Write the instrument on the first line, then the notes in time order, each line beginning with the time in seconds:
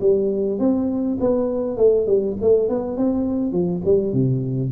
tuba
0.00 G3
0.59 C4
1.20 B3
1.77 A3
2.06 G3
2.41 A3
2.69 B3
2.97 C4
3.52 F3
3.84 G3
4.13 C3